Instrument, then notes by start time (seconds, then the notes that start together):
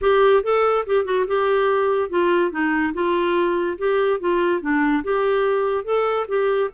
clarinet
0.01 G4
0.43 A4
0.86 G4
1.04 F#4
1.27 G4
2.09 F4
2.51 D#4
2.93 F4
3.78 G4
4.19 F4
4.61 D4
5.03 G4
5.84 A4
6.28 G4